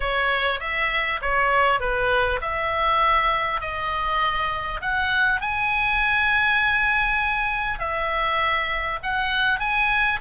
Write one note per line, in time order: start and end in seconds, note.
0.00 0.60 C#5
0.60 1.20 E5
1.21 1.79 C#5
1.79 2.39 B4
2.41 3.60 E5
3.60 4.80 D#5
4.81 5.40 F#5
5.40 7.79 G#5
7.79 8.99 E5
9.02 9.59 F#5
9.59 10.19 G#5